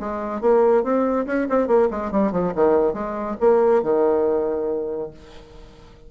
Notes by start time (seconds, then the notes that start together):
0.00 G#3
0.41 A#3
0.83 C4
1.26 C#4
1.49 C4
1.67 A#3
1.91 G#3
2.11 G3
2.32 F3
2.55 D#3
2.93 G#3
3.40 A#3
3.83 D#3